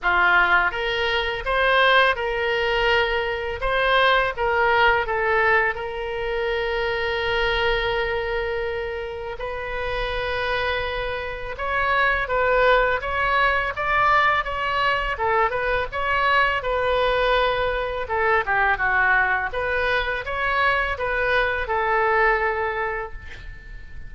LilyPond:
\new Staff \with { instrumentName = "oboe" } { \time 4/4 \tempo 4 = 83 f'4 ais'4 c''4 ais'4~ | ais'4 c''4 ais'4 a'4 | ais'1~ | ais'4 b'2. |
cis''4 b'4 cis''4 d''4 | cis''4 a'8 b'8 cis''4 b'4~ | b'4 a'8 g'8 fis'4 b'4 | cis''4 b'4 a'2 | }